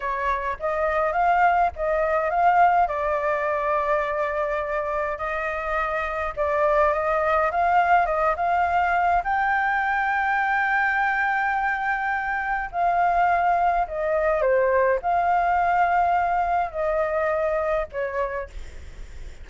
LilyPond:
\new Staff \with { instrumentName = "flute" } { \time 4/4 \tempo 4 = 104 cis''4 dis''4 f''4 dis''4 | f''4 d''2.~ | d''4 dis''2 d''4 | dis''4 f''4 dis''8 f''4. |
g''1~ | g''2 f''2 | dis''4 c''4 f''2~ | f''4 dis''2 cis''4 | }